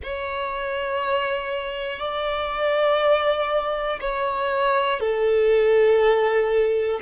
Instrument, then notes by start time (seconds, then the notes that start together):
violin
0.03 C#5
1.99 D5
4.00 C#5
5.00 A4